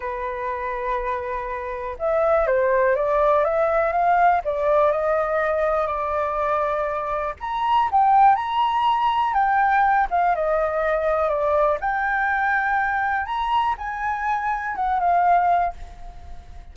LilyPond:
\new Staff \with { instrumentName = "flute" } { \time 4/4 \tempo 4 = 122 b'1 | e''4 c''4 d''4 e''4 | f''4 d''4 dis''2 | d''2. ais''4 |
g''4 ais''2 g''4~ | g''8 f''8 dis''2 d''4 | g''2. ais''4 | gis''2 fis''8 f''4. | }